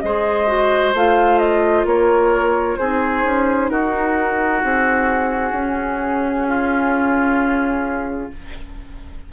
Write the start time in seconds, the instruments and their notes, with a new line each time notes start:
0.00 bassoon G#3, clarinet G#4, oboe C5, flute D#5
0.47 clarinet F#4
0.93 bassoon A3, clarinet F4, flute F5
1.38 flute D#5
1.84 bassoon A#3, oboe A#4, flute C#5
2.77 bassoon C4, clarinet D#4, oboe G#4, flute C5
3.24 bassoon C#4
3.69 bassoon D#4, oboe F#4, flute A#4
4.62 bassoon C4, flute G#4
5.52 bassoon C#4, clarinet C#4
6.47 oboe F4